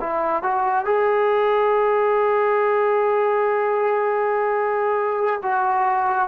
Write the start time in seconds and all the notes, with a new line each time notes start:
0.00 E4
0.43 F#4
0.85 G#4
5.43 F#4